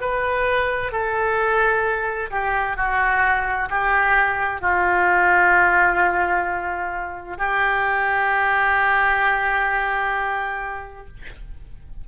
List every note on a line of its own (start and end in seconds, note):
0.00 0.91 B4
0.91 2.30 A4
2.30 2.76 G4
2.76 3.68 F#4
3.70 4.61 G4
4.61 7.38 F4
7.38 11.07 G4